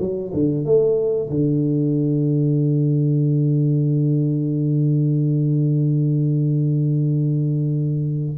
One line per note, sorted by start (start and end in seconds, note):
0.00 0.32 F#3
0.34 0.65 D3
0.65 1.30 A3
1.30 8.38 D3